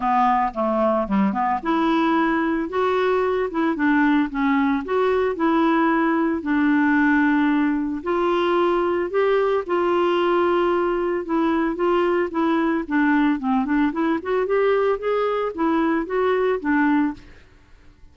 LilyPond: \new Staff \with { instrumentName = "clarinet" } { \time 4/4 \tempo 4 = 112 b4 a4 g8 b8 e'4~ | e'4 fis'4. e'8 d'4 | cis'4 fis'4 e'2 | d'2. f'4~ |
f'4 g'4 f'2~ | f'4 e'4 f'4 e'4 | d'4 c'8 d'8 e'8 fis'8 g'4 | gis'4 e'4 fis'4 d'4 | }